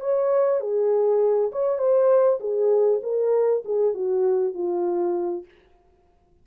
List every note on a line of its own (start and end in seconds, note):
0.00 0.60 C#5
0.60 1.51 G#4
1.52 1.78 C#5
1.78 2.39 C5
2.40 3.00 G#4
3.02 3.63 A#4
3.64 3.94 G#4
3.94 4.53 F#4
4.53 5.44 F4